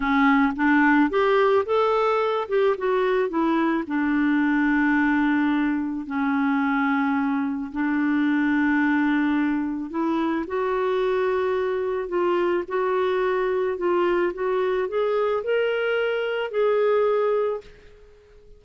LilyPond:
\new Staff \with { instrumentName = "clarinet" } { \time 4/4 \tempo 4 = 109 cis'4 d'4 g'4 a'4~ | a'8 g'8 fis'4 e'4 d'4~ | d'2. cis'4~ | cis'2 d'2~ |
d'2 e'4 fis'4~ | fis'2 f'4 fis'4~ | fis'4 f'4 fis'4 gis'4 | ais'2 gis'2 | }